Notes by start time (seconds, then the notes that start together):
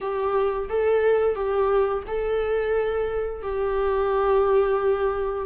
0.00 G4
0.69 A4
1.35 G4
2.07 A4
3.42 G4